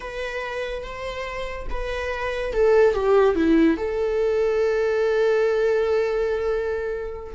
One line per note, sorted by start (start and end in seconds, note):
0.00 0.82 B4
0.82 1.66 C5
1.70 2.53 B4
2.53 2.94 A4
2.94 3.35 G4
3.35 3.77 E4
3.77 7.34 A4